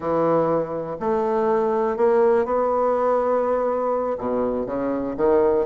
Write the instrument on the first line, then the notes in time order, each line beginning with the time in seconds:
bassoon
0.00 E3
0.99 A3
1.96 A#3
2.45 B3
4.17 B2
4.66 C#3
5.16 D#3